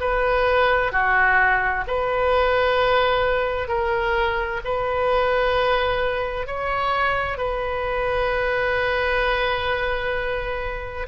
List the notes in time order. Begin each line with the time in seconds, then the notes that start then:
0.00 B4
0.92 F#4
1.87 B4
3.68 A#4
4.64 B4
6.47 C#5
7.38 B4